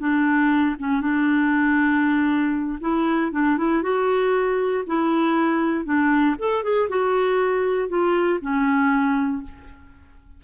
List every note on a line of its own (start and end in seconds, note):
0.00 0.76 D4
0.79 1.01 C#4
1.01 2.79 D4
2.81 3.32 E4
3.32 3.58 D4
3.58 3.83 E4
3.83 4.85 F#4
4.87 5.85 E4
5.85 6.36 D4
6.39 6.64 A4
6.64 6.89 G#4
6.89 7.89 F#4
7.89 8.40 F4
8.42 9.43 C#4